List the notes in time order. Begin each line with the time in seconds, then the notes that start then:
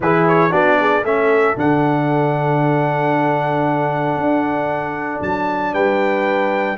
0.00 E3 E4 G#4 B4
0.27 C#5
0.50 B3 D4 F#4 D5
0.80 G#4
1.03 A3 C#4 A4 E5
1.56 D3 D4 F#5
4.16 D4
5.21 F#3 A5
5.72 G3 B4 G5